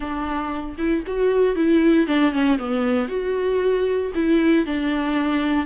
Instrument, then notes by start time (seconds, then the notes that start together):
viola
0.00 D4
0.78 E4
1.07 F#4
1.55 E4
2.07 D4
2.32 C#4
2.58 B3
3.08 F#4
4.14 E4
4.66 D4